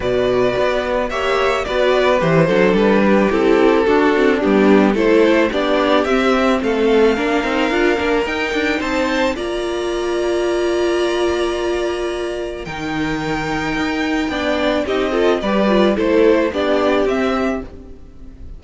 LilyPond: <<
  \new Staff \with { instrumentName = "violin" } { \time 4/4 \tempo 4 = 109 d''2 e''4 d''4 | c''4 b'4 a'2 | g'4 c''4 d''4 e''4 | f''2. g''4 |
a''4 ais''2.~ | ais''2. g''4~ | g''2. dis''4 | d''4 c''4 d''4 e''4 | }
  \new Staff \with { instrumentName = "violin" } { \time 4/4 b'2 cis''4 b'4~ | b'8 a'4 g'4. fis'4 | d'4 a'4 g'2 | a'4 ais'2. |
c''4 d''2.~ | d''2. ais'4~ | ais'2 d''4 g'8 a'8 | b'4 a'4 g'2 | }
  \new Staff \with { instrumentName = "viola" } { \time 4/4 fis'2 g'4 fis'4 | g'8 d'4. e'4 d'8 c'8 | b4 e'4 d'4 c'4~ | c'4 d'8 dis'8 f'8 d'8 dis'4~ |
dis'4 f'2.~ | f'2. dis'4~ | dis'2 d'4 dis'8 f'8 | g'8 f'8 e'4 d'4 c'4 | }
  \new Staff \with { instrumentName = "cello" } { \time 4/4 b,4 b4 ais4 b4 | e8 fis8 g4 c'4 d'4 | g4 a4 b4 c'4 | a4 ais8 c'8 d'8 ais8 dis'8 d'8 |
c'4 ais2.~ | ais2. dis4~ | dis4 dis'4 b4 c'4 | g4 a4 b4 c'4 | }
>>